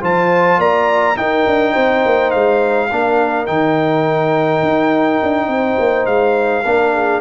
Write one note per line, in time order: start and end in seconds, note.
0.00 0.58 F3
0.00 1.15 F4
0.00 0.59 C5
0.00 0.60 A5
0.58 1.16 A#3
0.58 1.16 D5
0.58 1.17 A#5
1.16 2.89 D#4
1.16 1.45 D#4
1.16 1.72 A#4
1.16 2.31 G5
1.46 1.75 D4
1.72 2.05 C4
1.72 2.88 C5
2.05 2.34 A#3
2.31 2.91 G#3
2.31 3.46 F5
2.90 3.48 A#3
2.90 3.47 D4
2.90 5.50 A#4
3.46 4.63 D#3
3.46 6.64 D#4
3.46 6.06 G5
4.63 5.20 D#4
5.23 5.47 D4
5.47 5.76 C4
5.47 6.66 C5
5.79 6.06 A#3
6.06 6.64 G#3
6.06 7.21 F5
6.65 7.21 A#3
6.65 7.21 D4
6.65 6.94 A#4
6.94 7.21 G#4